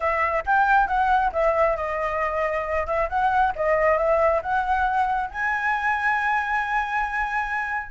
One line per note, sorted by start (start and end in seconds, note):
0.00 0.43 E5
0.46 0.87 G5
0.87 1.31 F#5
1.32 1.76 E5
1.76 2.86 D#5
2.86 3.08 E5
3.09 3.53 F#5
3.55 3.97 D#5
3.97 4.41 E5
4.42 5.30 F#5
5.30 7.91 G#5